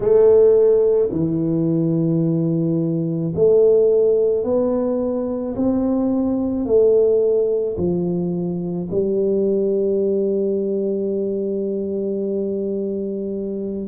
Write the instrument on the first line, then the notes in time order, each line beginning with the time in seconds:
tuba
0.00 A3
1.11 E3
3.35 A3
4.43 B3
5.56 C4
6.65 A3
7.77 F3
8.90 G3